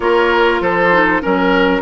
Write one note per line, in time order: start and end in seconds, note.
0.00 0.60 A#3
0.00 0.90 F4
0.00 0.61 A#4
0.00 0.60 C#5
0.60 1.21 F3
0.60 1.22 A4
0.60 1.22 C5
0.91 1.21 D#4
1.21 1.81 F#3
1.21 1.81 C#4
1.21 1.81 A#4